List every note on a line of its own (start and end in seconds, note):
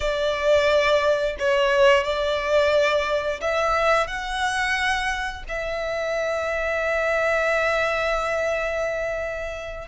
0.00 1.35 D5
1.39 2.04 C#5
2.04 3.40 D5
3.40 4.07 E5
4.07 5.43 F#5
5.48 9.88 E5